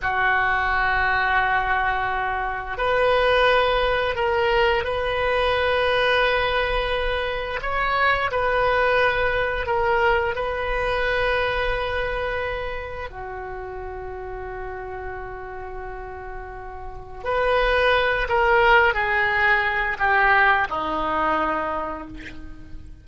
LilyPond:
\new Staff \with { instrumentName = "oboe" } { \time 4/4 \tempo 4 = 87 fis'1 | b'2 ais'4 b'4~ | b'2. cis''4 | b'2 ais'4 b'4~ |
b'2. fis'4~ | fis'1~ | fis'4 b'4. ais'4 gis'8~ | gis'4 g'4 dis'2 | }